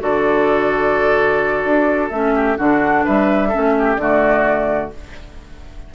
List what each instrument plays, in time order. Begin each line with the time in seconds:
0.00 bassoon D3, clarinet F#4, oboe A4, flute D5
1.65 bassoon D4
2.10 bassoon A3, clarinet C#4, flute E5
2.35 oboe G4
2.58 bassoon D3, clarinet D4, oboe F#4, flute F#5
3.05 bassoon G3, oboe B4, flute E5
3.49 clarinet C#4, oboe A4
3.56 bassoon A3
3.79 oboe G4
3.97 bassoon D3, clarinet A3, oboe F#4, flute D5